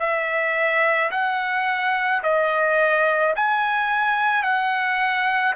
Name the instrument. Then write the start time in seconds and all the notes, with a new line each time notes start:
trumpet
0.00 E5
1.12 F#5
2.23 D#5
3.36 G#5
4.43 F#5